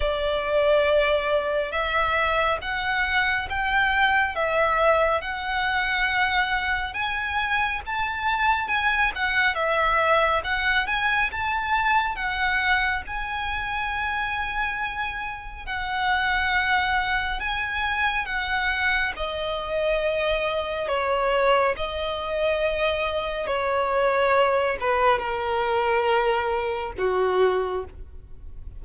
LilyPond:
\new Staff \with { instrumentName = "violin" } { \time 4/4 \tempo 4 = 69 d''2 e''4 fis''4 | g''4 e''4 fis''2 | gis''4 a''4 gis''8 fis''8 e''4 | fis''8 gis''8 a''4 fis''4 gis''4~ |
gis''2 fis''2 | gis''4 fis''4 dis''2 | cis''4 dis''2 cis''4~ | cis''8 b'8 ais'2 fis'4 | }